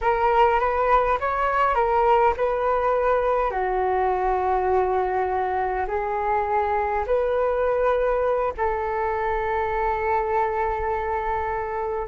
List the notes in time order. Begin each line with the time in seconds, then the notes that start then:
0.01 A#4
0.59 B4
1.20 C#5
1.74 A#4
2.36 B4
3.50 F#4
5.87 G#4
7.06 B4
8.57 A4